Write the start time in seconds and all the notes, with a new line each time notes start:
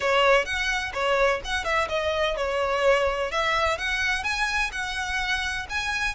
0.00 C#5
0.45 F#5
0.93 C#5
1.44 F#5
1.64 E5
1.89 D#5
2.36 C#5
3.31 E5
3.78 F#5
4.23 G#5
4.72 F#5
5.69 G#5